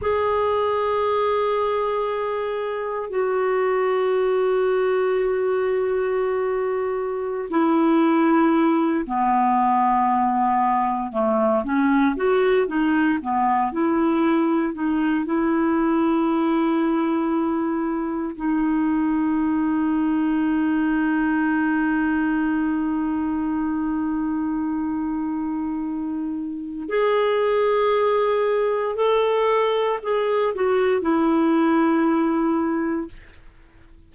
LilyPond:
\new Staff \with { instrumentName = "clarinet" } { \time 4/4 \tempo 4 = 58 gis'2. fis'4~ | fis'2.~ fis'16 e'8.~ | e'8. b2 a8 cis'8 fis'16~ | fis'16 dis'8 b8 e'4 dis'8 e'4~ e'16~ |
e'4.~ e'16 dis'2~ dis'16~ | dis'1~ | dis'2 gis'2 | a'4 gis'8 fis'8 e'2 | }